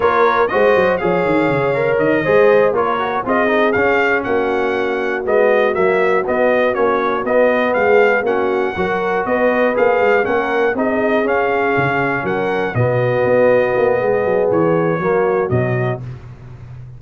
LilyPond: <<
  \new Staff \with { instrumentName = "trumpet" } { \time 4/4 \tempo 4 = 120 cis''4 dis''4 f''2 | dis''4. cis''4 dis''4 f''8~ | f''8 fis''2 dis''4 e''8~ | e''8 dis''4 cis''4 dis''4 f''8~ |
f''8 fis''2 dis''4 f''8~ | f''8 fis''4 dis''4 f''4.~ | f''8 fis''4 dis''2~ dis''8~ | dis''4 cis''2 dis''4 | }
  \new Staff \with { instrumentName = "horn" } { \time 4/4 ais'4 c''4 cis''2~ | cis''8 c''4 ais'4 gis'4.~ | gis'8 fis'2.~ fis'8~ | fis'2.~ fis'8 gis'8~ |
gis'8 fis'4 ais'4 b'4.~ | b'8 ais'4 gis'2~ gis'8~ | gis'8 ais'4 fis'2~ fis'8 | gis'2 fis'2 | }
  \new Staff \with { instrumentName = "trombone" } { \time 4/4 f'4 fis'4 gis'4. ais'8~ | ais'8 gis'4 f'8 fis'8 f'8 dis'8 cis'8~ | cis'2~ cis'8 b4 ais8~ | ais8 b4 cis'4 b4.~ |
b8 cis'4 fis'2 gis'8~ | gis'8 cis'4 dis'4 cis'4.~ | cis'4. b2~ b8~ | b2 ais4 fis4 | }
  \new Staff \with { instrumentName = "tuba" } { \time 4/4 ais4 gis8 fis8 f8 dis8 cis4 | dis8 gis4 ais4 c'4 cis'8~ | cis'8 ais2 gis4 fis8~ | fis8 b4 ais4 b4 gis8~ |
gis8 ais4 fis4 b4 ais8 | gis8 ais4 c'4 cis'4 cis8~ | cis8 fis4 b,4 b4 ais8 | gis8 fis8 e4 fis4 b,4 | }
>>